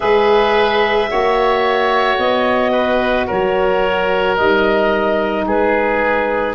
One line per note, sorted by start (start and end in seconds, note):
0.00 1.10 G#3
0.00 1.08 G#4
0.00 1.10 B4
0.00 2.17 E5
1.08 2.18 A#3
1.08 4.35 F#4
1.08 2.72 C#5
2.18 3.27 B3
2.18 3.27 D#5
2.72 3.26 B4
3.27 4.38 F#3
3.27 5.45 A#4
3.27 4.36 C#5
4.36 5.46 G3
4.36 6.54 D#4
4.36 5.45 D#5
5.46 6.54 G#3
5.46 6.54 G#4
5.46 6.54 B4